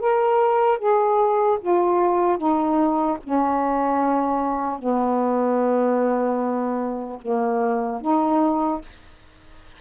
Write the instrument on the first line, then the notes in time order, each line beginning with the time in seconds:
saxophone
0.00 A#4
0.79 G#4
1.61 F4
2.38 D#4
3.24 C#4
4.79 B3
7.22 A#3
8.01 D#4